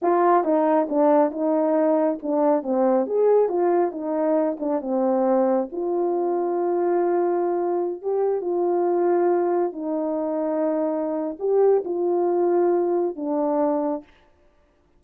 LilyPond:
\new Staff \with { instrumentName = "horn" } { \time 4/4 \tempo 4 = 137 f'4 dis'4 d'4 dis'4~ | dis'4 d'4 c'4 gis'4 | f'4 dis'4. d'8 c'4~ | c'4 f'2.~ |
f'2~ f'16 g'4 f'8.~ | f'2~ f'16 dis'4.~ dis'16~ | dis'2 g'4 f'4~ | f'2 d'2 | }